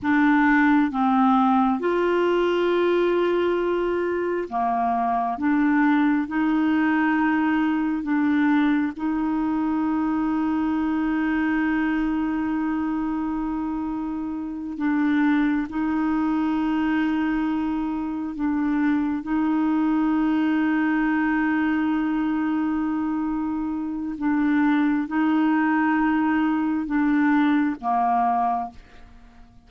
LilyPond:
\new Staff \with { instrumentName = "clarinet" } { \time 4/4 \tempo 4 = 67 d'4 c'4 f'2~ | f'4 ais4 d'4 dis'4~ | dis'4 d'4 dis'2~ | dis'1~ |
dis'8 d'4 dis'2~ dis'8~ | dis'8 d'4 dis'2~ dis'8~ | dis'2. d'4 | dis'2 d'4 ais4 | }